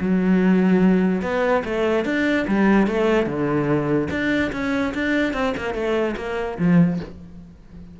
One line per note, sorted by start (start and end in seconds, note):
0.00 1.22 F#3
1.22 1.63 B3
1.64 2.05 A3
2.05 2.46 D4
2.47 2.87 G3
2.87 3.26 A3
3.26 4.08 D3
4.10 4.51 D4
4.52 4.93 C#4
4.94 5.33 D4
5.33 5.54 C4
5.57 5.74 A#3
5.74 6.15 A3
6.16 6.57 A#3
6.58 6.99 F3